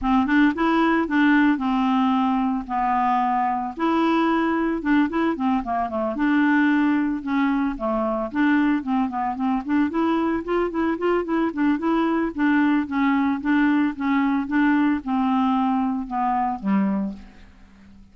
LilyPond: \new Staff \with { instrumentName = "clarinet" } { \time 4/4 \tempo 4 = 112 c'8 d'8 e'4 d'4 c'4~ | c'4 b2 e'4~ | e'4 d'8 e'8 c'8 ais8 a8 d'8~ | d'4. cis'4 a4 d'8~ |
d'8 c'8 b8 c'8 d'8 e'4 f'8 | e'8 f'8 e'8 d'8 e'4 d'4 | cis'4 d'4 cis'4 d'4 | c'2 b4 g4 | }